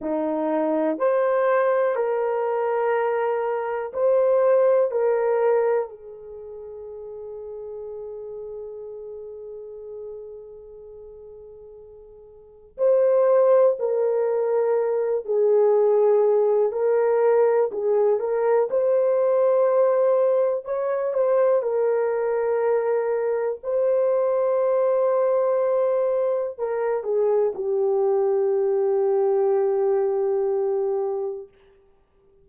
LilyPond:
\new Staff \with { instrumentName = "horn" } { \time 4/4 \tempo 4 = 61 dis'4 c''4 ais'2 | c''4 ais'4 gis'2~ | gis'1~ | gis'4 c''4 ais'4. gis'8~ |
gis'4 ais'4 gis'8 ais'8 c''4~ | c''4 cis''8 c''8 ais'2 | c''2. ais'8 gis'8 | g'1 | }